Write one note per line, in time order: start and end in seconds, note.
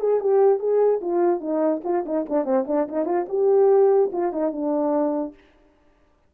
0.00 0.20 G#4
0.20 0.59 G4
0.59 1.00 G#4
1.01 1.40 F4
1.40 1.81 D#4
1.84 2.05 F4
2.05 2.26 D#4
2.29 2.45 D4
2.45 2.65 C4
2.67 2.88 D4
2.88 3.05 D#4
3.05 3.26 F4
3.29 4.11 G4
4.12 4.32 F4
4.32 4.52 D#4
4.52 5.34 D4